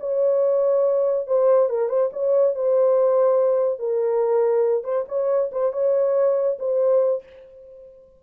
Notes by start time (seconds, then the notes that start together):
0.00 C#5
1.27 C5
1.69 A#4
1.89 C5
2.13 C#5
2.55 C5
3.79 A#4
4.84 C5
5.09 C#5
5.52 C5
5.73 C#5
6.59 C5